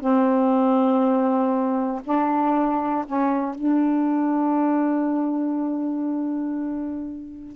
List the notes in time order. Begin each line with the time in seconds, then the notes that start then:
0.00 C4
2.04 D4
3.06 C#4
3.55 D4